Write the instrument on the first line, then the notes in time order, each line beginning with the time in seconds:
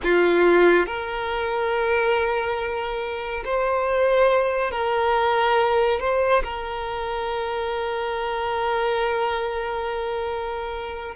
violin
0.03 F4
0.86 A#4
3.44 C5
4.71 A#4
6.00 C5
6.43 A#4